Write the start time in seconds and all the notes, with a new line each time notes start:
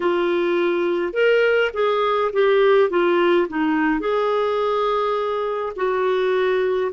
0.00 F4
1.13 A#4
1.73 G#4
2.32 G4
2.90 F4
3.48 D#4
4.00 G#4
5.76 F#4